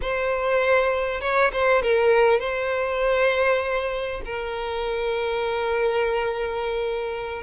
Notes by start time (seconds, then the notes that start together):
0.01 C5
1.21 C#5
1.52 C5
1.82 A#4
2.39 C5
4.25 A#4